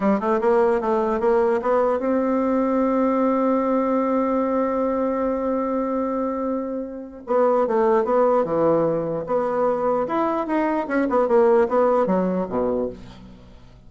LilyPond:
\new Staff \with { instrumentName = "bassoon" } { \time 4/4 \tempo 4 = 149 g8 a8 ais4 a4 ais4 | b4 c'2.~ | c'1~ | c'1~ |
c'2 b4 a4 | b4 e2 b4~ | b4 e'4 dis'4 cis'8 b8 | ais4 b4 fis4 b,4 | }